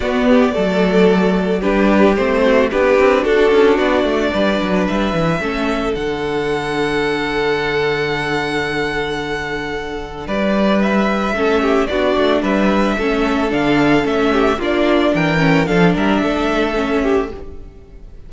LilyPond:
<<
  \new Staff \with { instrumentName = "violin" } { \time 4/4 \tempo 4 = 111 d''2. b'4 | c''4 b'4 a'4 d''4~ | d''4 e''2 fis''4~ | fis''1~ |
fis''2. d''4 | e''2 d''4 e''4~ | e''4 f''4 e''4 d''4 | g''4 f''8 e''2~ e''8 | }
  \new Staff \with { instrumentName = "violin" } { \time 4/4 fis'8 g'8 a'2 g'4~ | g'8 fis'8 g'4 fis'2 | b'2 a'2~ | a'1~ |
a'2. b'4~ | b'4 a'8 g'8 fis'4 b'4 | a'2~ a'8 g'8 f'4 | ais'4 a'8 ais'8 a'4. g'8 | }
  \new Staff \with { instrumentName = "viola" } { \time 4/4 b4 a2 d'4 | c'4 d'2.~ | d'2 cis'4 d'4~ | d'1~ |
d'1~ | d'4 cis'4 d'2 | cis'4 d'4 cis'4 d'4~ | d'8 cis'8 d'2 cis'4 | }
  \new Staff \with { instrumentName = "cello" } { \time 4/4 b4 fis2 g4 | a4 b8 c'8 d'8 cis'8 b8 a8 | g8 fis8 g8 e8 a4 d4~ | d1~ |
d2. g4~ | g4 a4 b8 a8 g4 | a4 d4 a4 ais4 | e4 f8 g8 a2 | }
>>